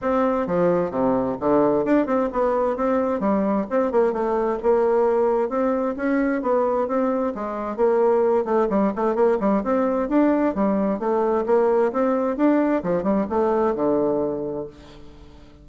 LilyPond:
\new Staff \with { instrumentName = "bassoon" } { \time 4/4 \tempo 4 = 131 c'4 f4 c4 d4 | d'8 c'8 b4 c'4 g4 | c'8 ais8 a4 ais2 | c'4 cis'4 b4 c'4 |
gis4 ais4. a8 g8 a8 | ais8 g8 c'4 d'4 g4 | a4 ais4 c'4 d'4 | f8 g8 a4 d2 | }